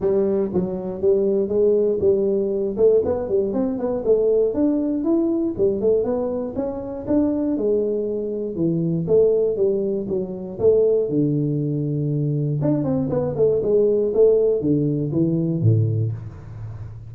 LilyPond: \new Staff \with { instrumentName = "tuba" } { \time 4/4 \tempo 4 = 119 g4 fis4 g4 gis4 | g4. a8 b8 g8 c'8 b8 | a4 d'4 e'4 g8 a8 | b4 cis'4 d'4 gis4~ |
gis4 e4 a4 g4 | fis4 a4 d2~ | d4 d'8 c'8 b8 a8 gis4 | a4 d4 e4 a,4 | }